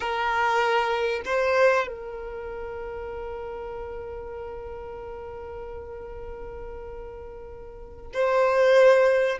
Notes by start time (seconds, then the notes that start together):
0.00 A#4
1.25 C5
1.87 A#4
8.13 C5